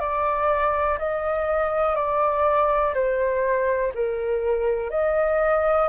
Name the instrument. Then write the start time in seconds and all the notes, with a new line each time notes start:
flute
0.00 D5
0.98 D#5
1.95 D5
2.94 C5
3.94 A#4
4.90 D#5